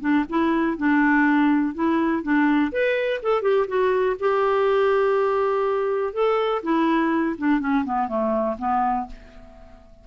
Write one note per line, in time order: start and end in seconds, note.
0.00 0.24 D4
0.29 0.77 E4
0.77 1.74 D4
1.74 2.23 E4
2.23 2.71 D4
2.72 3.21 B4
3.22 3.42 A4
3.42 3.66 G4
3.67 4.16 F#4
4.19 6.13 G4
6.13 6.62 A4
6.63 7.36 E4
7.38 7.60 D4
7.60 7.84 C#4
7.84 8.08 B3
8.08 8.56 A3
8.58 9.07 B3